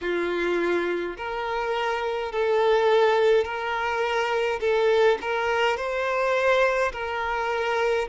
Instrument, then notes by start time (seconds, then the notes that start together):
violin
0.01 F4
1.17 A#4
2.31 A4
3.44 A#4
4.60 A4
5.21 A#4
5.76 C5
6.92 A#4